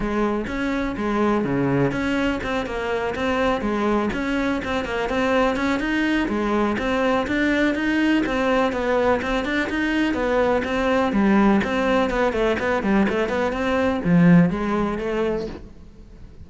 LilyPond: \new Staff \with { instrumentName = "cello" } { \time 4/4 \tempo 4 = 124 gis4 cis'4 gis4 cis4 | cis'4 c'8 ais4 c'4 gis8~ | gis8 cis'4 c'8 ais8 c'4 cis'8 | dis'4 gis4 c'4 d'4 |
dis'4 c'4 b4 c'8 d'8 | dis'4 b4 c'4 g4 | c'4 b8 a8 b8 g8 a8 b8 | c'4 f4 gis4 a4 | }